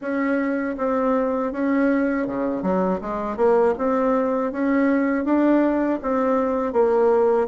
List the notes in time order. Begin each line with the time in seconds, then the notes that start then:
0.01 C#4
0.77 C4
1.52 C#4
2.26 C#3
2.62 F#3
3.01 G#3
3.36 A#3
3.77 C4
4.51 C#4
5.24 D4
6.01 C4
6.72 A#3